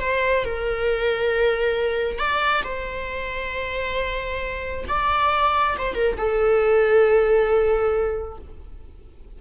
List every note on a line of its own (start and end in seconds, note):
0.00 0.44 C5
0.45 2.18 A#4
2.18 2.62 D5
2.64 4.84 C5
4.88 5.76 D5
5.78 5.94 C5
5.94 6.16 A#4
6.17 8.38 A4